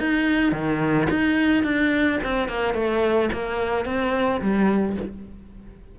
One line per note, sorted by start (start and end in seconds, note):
0.00 0.52 D#4
0.52 1.08 D#3
1.10 1.64 D#4
1.64 2.19 D4
2.24 2.49 C4
2.49 2.74 A#3
2.74 3.30 A3
3.33 3.86 A#3
3.86 4.41 C4
4.41 4.97 G3